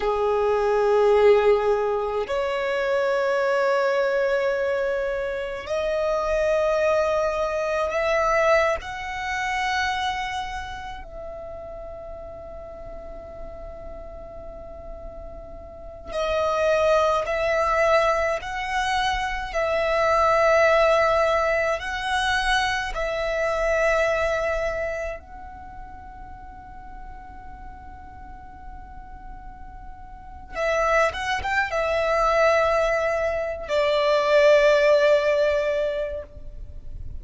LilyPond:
\new Staff \with { instrumentName = "violin" } { \time 4/4 \tempo 4 = 53 gis'2 cis''2~ | cis''4 dis''2 e''8. fis''16~ | fis''4.~ fis''16 e''2~ e''16~ | e''2~ e''16 dis''4 e''8.~ |
e''16 fis''4 e''2 fis''8.~ | fis''16 e''2 fis''4.~ fis''16~ | fis''2. e''8 fis''16 g''16 | e''4.~ e''16 d''2~ d''16 | }